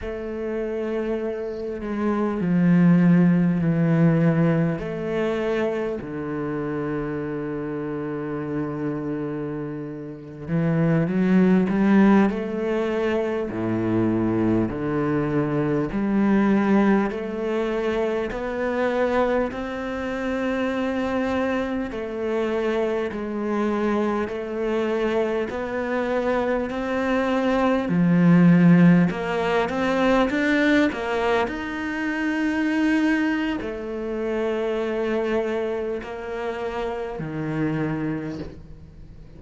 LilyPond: \new Staff \with { instrumentName = "cello" } { \time 4/4 \tempo 4 = 50 a4. gis8 f4 e4 | a4 d2.~ | d8. e8 fis8 g8 a4 a,8.~ | a,16 d4 g4 a4 b8.~ |
b16 c'2 a4 gis8.~ | gis16 a4 b4 c'4 f8.~ | f16 ais8 c'8 d'8 ais8 dis'4.~ dis'16 | a2 ais4 dis4 | }